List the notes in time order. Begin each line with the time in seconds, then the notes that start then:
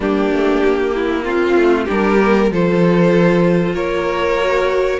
0.00 G3 A#3 D4 G4
0.31 A3
0.64 A#3
0.95 E4
1.23 C4 F4
1.55 A3
1.84 G3 D4 G4 A#4
2.19 A#3
2.50 F3 F4 A4 C5
3.73 A#3 A#4 C#5
4.39 F#4